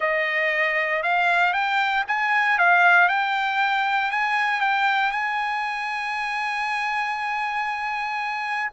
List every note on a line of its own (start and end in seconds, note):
0.00 1.02 D#5
1.02 1.53 F5
1.53 2.04 G5
2.07 2.58 G#5
2.58 3.08 F5
3.08 4.11 G5
4.11 4.61 G#5
4.61 5.11 G5
5.11 8.70 G#5